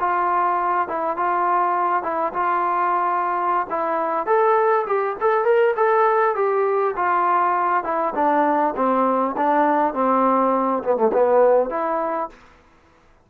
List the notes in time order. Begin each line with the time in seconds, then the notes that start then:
0.00 F4
0.89 E4
1.17 F4
2.03 E4
2.34 F4
3.70 E4
4.26 A4
4.87 G4
5.21 A4
5.45 A#4
5.77 A4
6.36 G4
6.96 F4
7.84 E4
8.15 D4
8.77 C4
9.37 D4
9.94 C4
10.84 B3
10.97 A3
11.13 B3
11.70 E4